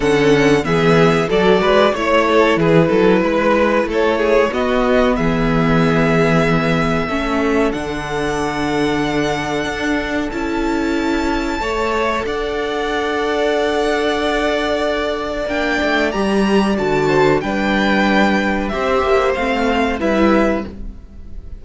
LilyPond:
<<
  \new Staff \with { instrumentName = "violin" } { \time 4/4 \tempo 4 = 93 fis''4 e''4 d''4 cis''4 | b'2 cis''4 dis''4 | e''1 | fis''1 |
a''2. fis''4~ | fis''1 | g''4 ais''4 a''4 g''4~ | g''4 e''4 f''4 e''4 | }
  \new Staff \with { instrumentName = "violin" } { \time 4/4 a'4 gis'4 a'8 b'8 cis''8 a'8 | gis'8 a'8 b'4 a'8 gis'8 fis'4 | gis'2. a'4~ | a'1~ |
a'2 cis''4 d''4~ | d''1~ | d''2~ d''8 c''8 b'4~ | b'4 c''2 b'4 | }
  \new Staff \with { instrumentName = "viola" } { \time 4/4 cis'4 b4 fis'4 e'4~ | e'2. b4~ | b2. cis'4 | d'1 |
e'2 a'2~ | a'1 | d'4 g'4 fis'4 d'4~ | d'4 g'4 c'4 e'4 | }
  \new Staff \with { instrumentName = "cello" } { \time 4/4 d4 e4 fis8 gis8 a4 | e8 fis8 gis4 a4 b4 | e2. a4 | d2. d'4 |
cis'2 a4 d'4~ | d'1 | ais8 a8 g4 d4 g4~ | g4 c'8 ais8 a4 g4 | }
>>